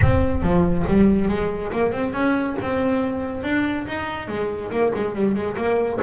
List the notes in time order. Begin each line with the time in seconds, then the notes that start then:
0.01 C4
0.42 F3
0.87 G3
1.28 G#3
1.71 A#3
1.92 C4
2.13 C#4
2.61 C4
3.43 D4
3.87 D#4
4.27 G#3
4.71 A#3
4.94 G#3
5.15 G3
5.34 G#3
5.56 A#3